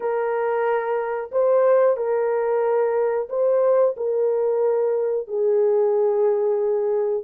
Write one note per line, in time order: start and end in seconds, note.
0.00 1.30 A#4
1.31 1.96 C5
1.96 3.28 A#4
3.29 3.95 C5
3.97 5.27 A#4
5.27 7.24 G#4